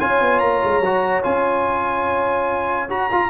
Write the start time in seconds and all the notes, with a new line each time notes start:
0.00 C#4 F4 C#5 G#5
0.21 B3
0.39 A#3 A#5
0.64 G#3
0.80 F#3 F#4
1.23 C#4 F4 G#5
2.89 F#4 A#5
3.12 F4